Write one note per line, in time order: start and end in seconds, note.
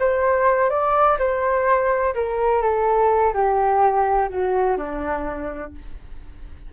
0.00 0.70 C5
0.70 1.18 D5
1.19 2.14 C5
2.15 2.62 A#4
2.62 3.34 A4
3.34 4.29 G4
4.29 4.77 F#4
4.77 5.73 D4